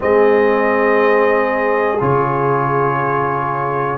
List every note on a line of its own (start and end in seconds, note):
0.00 2.00 G#3
0.00 1.97 C4
0.00 3.98 G#4
0.00 2.01 D#5
1.99 3.98 C#3
1.99 3.98 F4
1.99 3.98 C#5